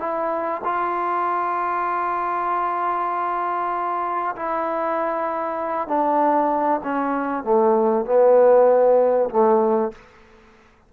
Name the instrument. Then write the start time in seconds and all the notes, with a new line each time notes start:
trombone
0.00 E4
0.64 F4
4.36 E4
5.88 D4
6.84 C#4
7.44 A3
8.06 B3
9.30 A3